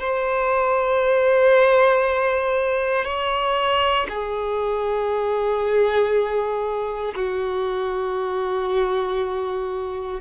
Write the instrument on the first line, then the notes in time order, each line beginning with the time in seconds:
violin
0.00 C5
3.05 C#5
4.09 G#4
7.16 F#4